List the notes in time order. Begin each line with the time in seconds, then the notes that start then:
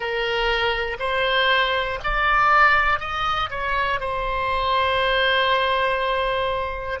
0.00 A#4
0.99 C5
2.03 D5
3.00 D#5
3.50 C#5
4.00 C5